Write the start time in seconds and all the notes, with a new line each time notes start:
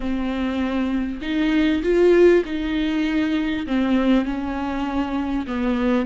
0.00 C4
1.21 D#4
1.83 F4
2.45 D#4
3.66 C4
4.25 C#4
5.46 B3